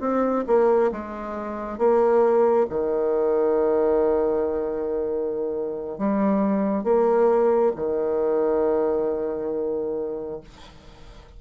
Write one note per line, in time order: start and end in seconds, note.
0.00 0.44 C4
0.47 0.91 A#3
0.91 1.78 G#3
1.78 2.66 A#3
2.69 5.98 D#3
5.98 6.84 G3
6.84 7.72 A#3
7.76 10.40 D#3